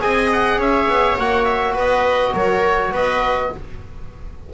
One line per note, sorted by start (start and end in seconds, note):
0.00 0.58 C4
0.00 1.17 G#4
0.00 0.58 D#5
0.00 0.30 G#5
0.32 0.61 F#5
0.58 0.87 C#4
0.58 1.73 C#5
0.58 1.18 E5
0.88 1.17 B3
1.18 1.76 A#3
1.18 3.52 F#4
1.18 1.44 F#5
1.44 1.73 E5
1.73 2.33 B3
1.73 2.31 B4
1.73 2.35 D#5
2.33 2.91 F#3
2.33 2.92 A#4
2.33 2.93 C#5
2.91 3.49 B3
2.91 3.51 B4
2.91 3.53 D#5